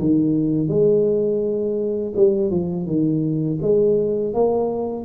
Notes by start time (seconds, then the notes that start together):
0.00 D#3
0.68 G#3
2.16 G3
2.51 F3
2.87 D#3
3.62 G#3
4.34 A#3